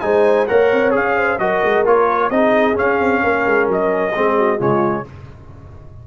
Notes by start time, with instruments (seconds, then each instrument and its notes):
0.00 tuba G#3, trombone D#4, horn C5, trumpet G#5
0.46 tuba A#3, trombone A#4, horn C#5, trumpet F#5
0.72 tuba C4
0.90 tuba C#4, trombone G#4, trumpet F5
1.16 horn C5
1.38 tuba F#3, trombone F#4, horn A#4, trumpet D#5
1.64 tuba G#3
1.85 tuba A#3, trombone F4, trumpet C#5
2.30 tuba C4, trombone D#4, horn G#4, trumpet D#5
2.74 trombone C#4, tuba C#4, trumpet F5
3.00 tuba C4
3.21 tuba A#3, horn A#4
3.46 tuba G#3
3.68 tuba F#3, trumpet D#5
4.15 tuba G#3, trombone C4, horn G#4
4.37 horn F#4
4.58 tuba C#3, trombone G#3, horn F4, trumpet C#5